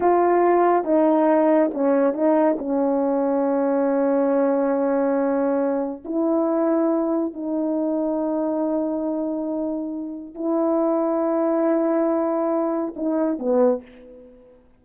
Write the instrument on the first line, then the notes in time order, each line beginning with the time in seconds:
horn
0.00 F4
0.84 D#4
1.73 C#4
2.13 D#4
2.58 C#4
6.05 E4
7.33 D#4
10.35 E4
12.96 D#4
13.38 B3